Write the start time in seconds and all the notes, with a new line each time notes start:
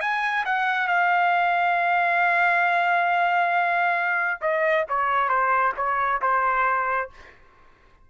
0.00 G#5
0.45 F#5
0.87 F5
4.41 D#5
4.89 C#5
5.29 C5
5.77 C#5
6.22 C5